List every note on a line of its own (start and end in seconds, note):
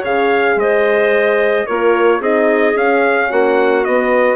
0.00 0.56 C#3
0.00 1.68 G#4
0.00 0.55 C#5
0.00 0.60 F5
0.56 1.65 G#3
0.56 1.67 C5
0.56 1.67 D#5
1.67 2.20 A#3
1.67 2.22 F4
1.67 2.20 A#4
1.67 2.21 C#5
2.20 2.75 C4
2.20 2.76 D#4
2.20 3.29 G#4
2.20 2.78 D#5
2.75 3.30 C#4
2.75 3.86 C#4
2.75 3.32 F5
3.29 3.86 A#3
3.29 4.36 F#4
3.29 3.85 F#5
3.85 4.36 B3
3.85 4.36 D#5